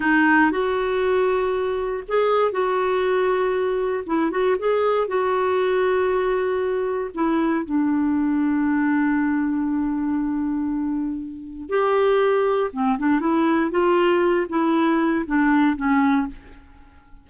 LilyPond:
\new Staff \with { instrumentName = "clarinet" } { \time 4/4 \tempo 4 = 118 dis'4 fis'2. | gis'4 fis'2. | e'8 fis'8 gis'4 fis'2~ | fis'2 e'4 d'4~ |
d'1~ | d'2. g'4~ | g'4 c'8 d'8 e'4 f'4~ | f'8 e'4. d'4 cis'4 | }